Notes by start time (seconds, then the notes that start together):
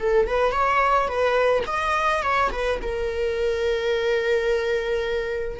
0.00 A4
0.27 B4
0.52 C#5
1.08 B4
1.67 D#5
2.23 C#5
2.52 B4
2.82 A#4